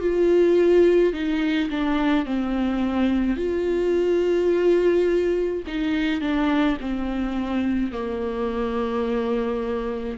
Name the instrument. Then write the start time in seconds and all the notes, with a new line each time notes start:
viola
0.00 F4
1.13 D#4
1.69 D4
2.25 C4
3.36 F4
5.67 D#4
6.21 D4
6.80 C4
7.91 A#3